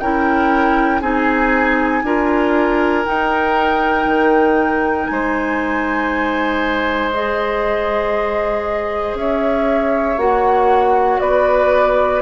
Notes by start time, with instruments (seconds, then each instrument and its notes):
0.00 bassoon C#4, clarinet E4, oboe A#4, flute G5
1.01 bassoon C4, clarinet D#4, oboe G#4, flute G#5
2.03 bassoon D4, clarinet F4, oboe A#4
3.05 clarinet D#4, bassoon D#4, flute G5
4.06 bassoon D#3
5.07 bassoon G#3, flute G#5
5.13 oboe C5
7.13 clarinet G#4, flute D#5
9.15 bassoon C#4, oboe C#5, flute E5
10.18 bassoon A#3, clarinet F#4, flute F#5
11.20 bassoon B3, oboe B4, flute D5